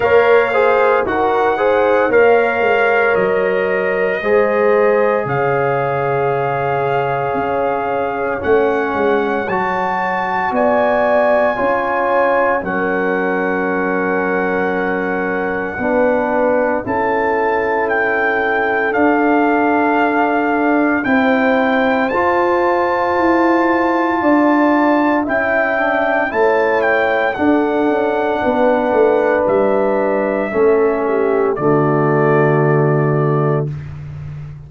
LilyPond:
<<
  \new Staff \with { instrumentName = "trumpet" } { \time 4/4 \tempo 4 = 57 f''4 fis''4 f''4 dis''4~ | dis''4 f''2. | fis''4 a''4 gis''2 | fis''1 |
a''4 g''4 f''2 | g''4 a''2. | g''4 a''8 g''8 fis''2 | e''2 d''2 | }
  \new Staff \with { instrumentName = "horn" } { \time 4/4 cis''8 c''8 ais'8 c''8 cis''2 | c''4 cis''2.~ | cis''2 d''4 cis''4 | ais'2. b'4 |
a'1 | c''2. d''4 | e''4 cis''4 a'4 b'4~ | b'4 a'8 g'8 fis'2 | }
  \new Staff \with { instrumentName = "trombone" } { \time 4/4 ais'8 gis'8 fis'8 gis'8 ais'2 | gis'1 | cis'4 fis'2 f'4 | cis'2. d'4 |
e'2 d'2 | e'4 f'2. | e'8 d'8 e'4 d'2~ | d'4 cis'4 a2 | }
  \new Staff \with { instrumentName = "tuba" } { \time 4/4 ais4 dis'4 ais8 gis8 fis4 | gis4 cis2 cis'4 | a8 gis8 fis4 b4 cis'4 | fis2. b4 |
cis'2 d'2 | c'4 f'4 e'4 d'4 | cis'4 a4 d'8 cis'8 b8 a8 | g4 a4 d2 | }
>>